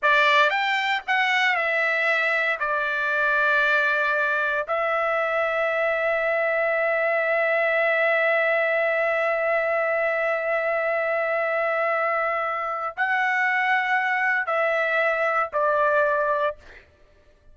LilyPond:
\new Staff \with { instrumentName = "trumpet" } { \time 4/4 \tempo 4 = 116 d''4 g''4 fis''4 e''4~ | e''4 d''2.~ | d''4 e''2.~ | e''1~ |
e''1~ | e''1~ | e''4 fis''2. | e''2 d''2 | }